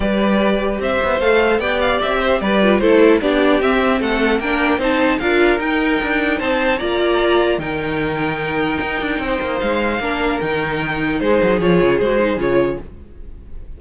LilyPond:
<<
  \new Staff \with { instrumentName = "violin" } { \time 4/4 \tempo 4 = 150 d''2 e''4 f''4 | g''8 f''8 e''4 d''4 c''4 | d''4 e''4 fis''4 g''4 | a''4 f''4 g''2 |
a''4 ais''2 g''4~ | g''1 | f''2 g''2 | c''4 cis''4 c''4 cis''4 | }
  \new Staff \with { instrumentName = "violin" } { \time 4/4 b'2 c''2 | d''4. c''8 b'4 a'4 | g'2 a'4 ais'4 | c''4 ais'2. |
c''4 d''2 ais'4~ | ais'2. c''4~ | c''4 ais'2. | gis'1 | }
  \new Staff \with { instrumentName = "viola" } { \time 4/4 g'2. a'4 | g'2~ g'8 f'8 e'4 | d'4 c'2 d'4 | dis'4 f'4 dis'2~ |
dis'4 f'2 dis'4~ | dis'1~ | dis'4 d'4 dis'2~ | dis'4 f'4 fis'8 dis'8 f'4 | }
  \new Staff \with { instrumentName = "cello" } { \time 4/4 g2 c'8 b8 a4 | b4 c'4 g4 a4 | b4 c'4 a4 ais4 | c'4 d'4 dis'4 d'4 |
c'4 ais2 dis4~ | dis2 dis'8 d'8 c'8 ais8 | gis4 ais4 dis2 | gis8 fis8 f8 cis8 gis4 cis4 | }
>>